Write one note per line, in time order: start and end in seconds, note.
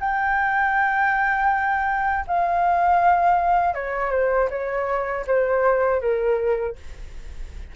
0.00 2.25 G5
2.27 3.74 F5
3.74 4.11 C#5
4.11 4.49 C5
4.50 5.25 C#5
5.27 6.01 C5
6.01 6.76 A#4